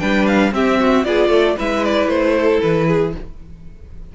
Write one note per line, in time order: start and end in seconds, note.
0.00 0.52 G3
0.00 0.52 D4
0.00 0.54 B4
0.00 0.26 G5
0.27 0.53 F5
0.52 1.04 C4
0.52 0.80 G4
0.52 1.05 E5
0.80 1.06 F#4
1.04 1.30 B3
1.04 1.57 F4
1.04 1.30 G#4
1.04 1.57 D5
1.30 1.56 A3
1.30 1.56 A4
1.57 2.08 G#3
1.57 3.14 E4
1.57 2.35 B4
1.57 1.85 E5
1.85 2.09 D5
2.08 2.60 A3
2.08 2.61 C5
2.37 2.87 A4
2.62 3.15 E3
2.62 3.14 B4
2.87 3.13 G#4